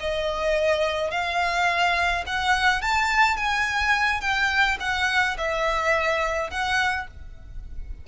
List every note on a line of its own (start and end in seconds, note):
0.00 1.11 D#5
1.11 2.24 F5
2.26 2.81 F#5
2.81 3.37 A5
3.37 4.21 G#5
4.21 4.78 G5
4.80 5.37 F#5
5.37 6.51 E5
6.51 7.07 F#5